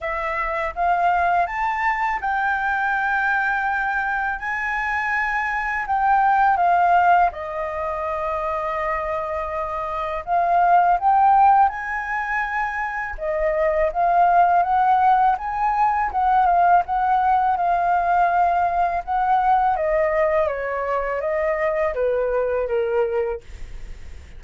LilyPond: \new Staff \with { instrumentName = "flute" } { \time 4/4 \tempo 4 = 82 e''4 f''4 a''4 g''4~ | g''2 gis''2 | g''4 f''4 dis''2~ | dis''2 f''4 g''4 |
gis''2 dis''4 f''4 | fis''4 gis''4 fis''8 f''8 fis''4 | f''2 fis''4 dis''4 | cis''4 dis''4 b'4 ais'4 | }